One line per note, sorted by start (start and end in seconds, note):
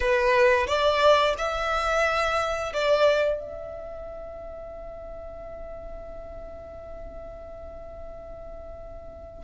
0.00 0.66 B4
0.67 1.34 D5
1.38 2.72 E5
2.73 3.39 D5
3.39 9.44 E5